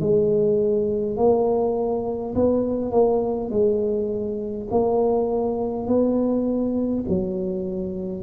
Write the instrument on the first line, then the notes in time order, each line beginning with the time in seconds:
tuba
0.00 G#3
1.16 A#3
2.35 B3
2.91 A#3
3.50 G#3
4.71 A#3
5.87 B3
7.09 F#3